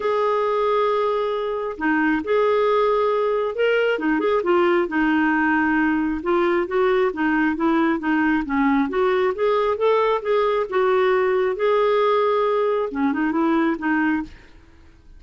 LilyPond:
\new Staff \with { instrumentName = "clarinet" } { \time 4/4 \tempo 4 = 135 gis'1 | dis'4 gis'2. | ais'4 dis'8 gis'8 f'4 dis'4~ | dis'2 f'4 fis'4 |
dis'4 e'4 dis'4 cis'4 | fis'4 gis'4 a'4 gis'4 | fis'2 gis'2~ | gis'4 cis'8 dis'8 e'4 dis'4 | }